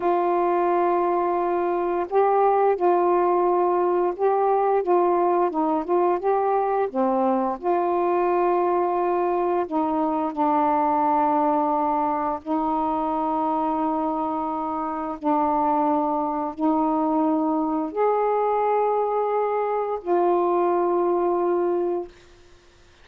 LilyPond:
\new Staff \with { instrumentName = "saxophone" } { \time 4/4 \tempo 4 = 87 f'2. g'4 | f'2 g'4 f'4 | dis'8 f'8 g'4 c'4 f'4~ | f'2 dis'4 d'4~ |
d'2 dis'2~ | dis'2 d'2 | dis'2 gis'2~ | gis'4 f'2. | }